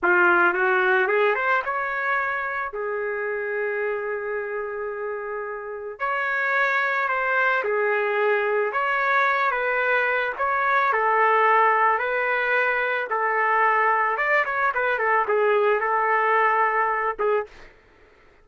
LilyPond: \new Staff \with { instrumentName = "trumpet" } { \time 4/4 \tempo 4 = 110 f'4 fis'4 gis'8 c''8 cis''4~ | cis''4 gis'2.~ | gis'2. cis''4~ | cis''4 c''4 gis'2 |
cis''4. b'4. cis''4 | a'2 b'2 | a'2 d''8 cis''8 b'8 a'8 | gis'4 a'2~ a'8 gis'8 | }